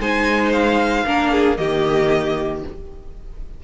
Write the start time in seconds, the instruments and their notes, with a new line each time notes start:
0.00 cello G#3, viola D#4, violin C5 G#5
0.52 violin F5
1.06 cello A#3, viola D4, violin A#4
1.32 violin G#4
1.57 cello D#3, viola A#3, violin G4 D#5